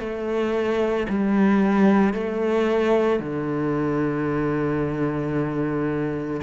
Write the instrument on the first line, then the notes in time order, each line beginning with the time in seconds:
cello
0.00 A3
1.09 G3
2.14 A3
3.19 D3